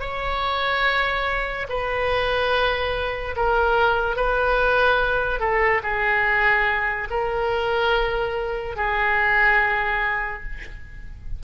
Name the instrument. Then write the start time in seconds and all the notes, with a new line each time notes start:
oboe
0.00 C#5
1.69 B4
3.36 A#4
4.16 B4
5.39 A4
5.83 G#4
7.10 A#4
8.76 G#4